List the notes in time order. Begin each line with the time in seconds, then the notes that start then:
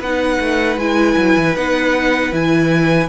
0.00 B3 D#4 B4 F#5
0.39 A3
0.77 G#3 E4 G#5
1.16 F#3
1.37 E3
1.56 B3 D#4 F#5
2.32 E3 E4 G#5